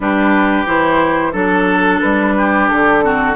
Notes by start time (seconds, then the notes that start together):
0.00 G3 D4 G4 B4
0.66 E3 E4 C5
1.32 F#3 D4 A4
2.00 G3 B4
2.37 G4
2.68 D3 A4
3.01 C4 F#4